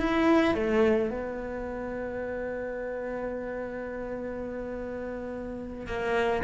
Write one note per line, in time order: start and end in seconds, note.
0.00 0.55 E4
0.55 1.11 A3
1.11 5.87 B3
5.87 6.43 A#3